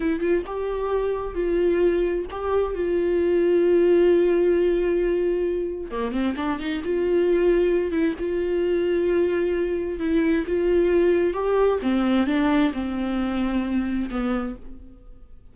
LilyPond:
\new Staff \with { instrumentName = "viola" } { \time 4/4 \tempo 4 = 132 e'8 f'8 g'2 f'4~ | f'4 g'4 f'2~ | f'1~ | f'4 ais8 c'8 d'8 dis'8 f'4~ |
f'4. e'8 f'2~ | f'2 e'4 f'4~ | f'4 g'4 c'4 d'4 | c'2. b4 | }